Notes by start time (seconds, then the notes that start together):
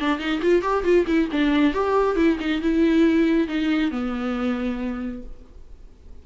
0.00 D4
0.19 D#4
0.42 F4
0.63 G4
0.84 F4
1.07 E4
1.32 D4
1.74 G4
2.17 E4
2.40 D#4
2.62 E4
3.48 D#4
3.91 B3